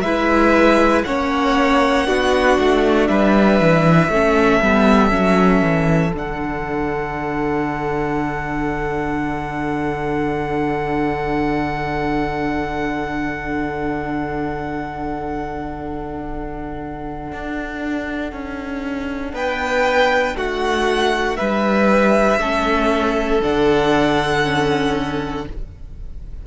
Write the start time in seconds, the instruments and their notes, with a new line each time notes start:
0.00 cello G#3, viola E4, violin B4 E5
1.03 cello A#3, viola C#4, violin C#5 F#5
2.07 cello B3, viola D4, violin F#4
2.58 cello A3
3.07 cello G3, violin B4 E5
3.60 cello E3
4.08 cello A3, viola C#4, violin A4
4.61 cello G3, viola B3
5.10 cello F#3, viola C#4
5.61 cello E3
6.13 cello D3, viola D4, violin F#5
17.32 cello D4
18.32 cello C#4
19.33 cello B3, violin B4 G5
20.35 cello A3, violin F#4 F#5
21.36 cello G3, violin B4 E5
22.39 cello A3, viola C#4, violin A4
23.42 cello D3, viola D4, violin F#5
24.43 viola C#4